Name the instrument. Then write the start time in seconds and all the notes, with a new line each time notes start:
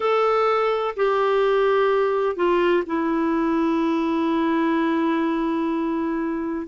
clarinet
0.00 A4
0.96 G4
2.35 F4
2.86 E4